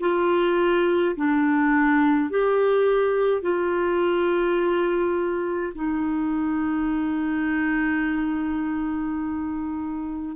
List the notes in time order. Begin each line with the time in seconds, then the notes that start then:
0.00 F4
1.16 D4
2.30 G4
3.42 F4
5.75 D#4